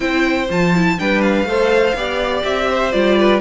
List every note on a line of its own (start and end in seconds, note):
0.00 0.49 C4
0.00 0.48 E4
0.00 0.98 C5
0.00 0.48 G5
0.49 0.98 F3
0.49 0.73 F4
0.49 0.99 A5
0.74 0.98 E4
0.98 1.44 G3
0.98 1.47 D4
0.98 1.48 B4
0.98 1.21 G5
1.21 2.43 F5
1.44 1.93 A3
1.44 1.96 A4
1.44 1.96 C5
1.94 2.43 B3
1.94 2.92 G4
1.94 2.69 D5
2.44 2.93 C4
2.44 2.91 E5
2.70 3.18 C5
2.91 3.40 G3
2.91 3.40 F4
2.91 3.40 D5
3.18 3.40 B4